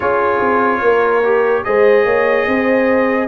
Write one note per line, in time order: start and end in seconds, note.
0.00 0.40 C#4
0.00 1.23 F4
0.00 0.80 G#4
0.00 1.63 C#5
0.40 0.81 C4
0.81 1.64 A#3
0.81 1.65 A#4
1.24 1.64 G4
1.63 2.05 G#3
1.63 3.27 G#4
1.63 2.05 C5
1.63 3.27 D#5
2.05 2.46 A#3
2.05 2.46 C#5
2.47 3.27 C4
2.47 3.27 C5